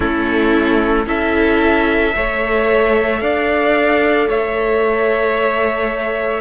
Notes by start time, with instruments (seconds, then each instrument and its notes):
0.00 cello A3, viola C#4, violin E4, trumpet A4
1.06 cello C#4, viola E4, violin A4, trumpet E5
2.15 cello A3, viola A4, violin C#5
3.21 cello D4, violin D5, trumpet F5
4.28 cello A3, violin C#5, trumpet E5